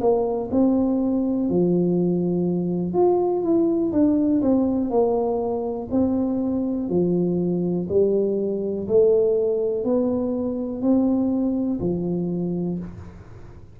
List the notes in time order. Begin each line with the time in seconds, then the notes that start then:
0.00 A#3
0.51 C4
1.49 F3
2.93 F4
3.42 E4
3.92 D4
4.42 C4
4.90 A#3
5.91 C4
6.89 F3
7.89 G3
8.88 A3
9.84 B3
10.82 C4
11.80 F3